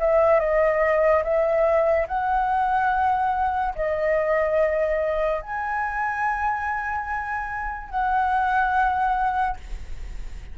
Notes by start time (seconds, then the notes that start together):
0.00 E5
0.40 D#5
1.24 E5
2.08 F#5
3.76 D#5
5.42 G#5
7.91 F#5